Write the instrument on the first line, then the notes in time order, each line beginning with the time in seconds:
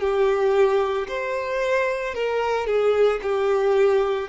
violin
0.00 G4
1.08 C5
2.14 A#4
2.67 G#4
3.22 G4